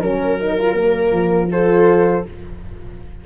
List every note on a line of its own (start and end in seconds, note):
0.00 1.11 F#3
0.00 0.39 C#4
0.00 1.48 A#4
0.00 1.51 A#4
0.39 0.58 D#4
0.59 0.75 F4
0.75 1.49 A#3
1.11 2.23 F3
1.51 2.25 F4
1.51 2.25 A4
1.51 2.26 C5